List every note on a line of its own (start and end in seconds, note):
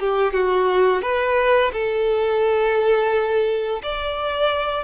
0.00 0.34 G4
0.34 1.02 F#4
1.02 1.72 B4
1.73 3.82 A4
3.83 4.84 D5